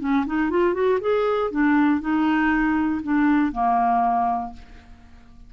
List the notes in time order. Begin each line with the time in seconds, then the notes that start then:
0.00 C#4
0.26 D#4
0.51 F4
0.74 F#4
1.01 G#4
1.51 D4
2.01 D#4
3.03 D4
3.52 A#3